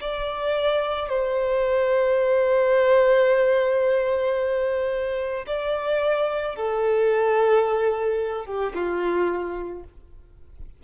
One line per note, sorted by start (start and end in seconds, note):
0.00 1.09 D5
1.09 5.45 C5
5.46 6.55 D5
6.55 8.45 A4
8.45 8.72 G4
8.74 9.83 F4